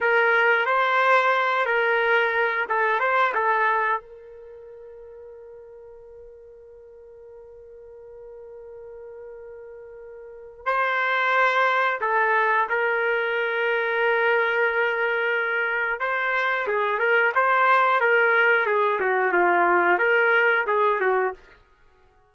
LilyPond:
\new Staff \with { instrumentName = "trumpet" } { \time 4/4 \tempo 4 = 90 ais'4 c''4. ais'4. | a'8 c''8 a'4 ais'2~ | ais'1~ | ais'1 |
c''2 a'4 ais'4~ | ais'1 | c''4 gis'8 ais'8 c''4 ais'4 | gis'8 fis'8 f'4 ais'4 gis'8 fis'8 | }